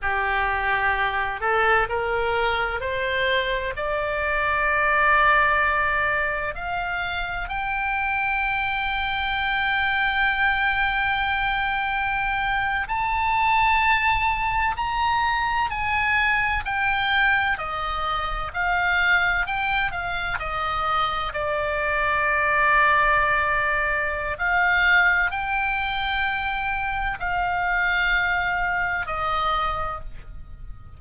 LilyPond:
\new Staff \with { instrumentName = "oboe" } { \time 4/4 \tempo 4 = 64 g'4. a'8 ais'4 c''4 | d''2. f''4 | g''1~ | g''4.~ g''16 a''2 ais''16~ |
ais''8. gis''4 g''4 dis''4 f''16~ | f''8. g''8 f''8 dis''4 d''4~ d''16~ | d''2 f''4 g''4~ | g''4 f''2 dis''4 | }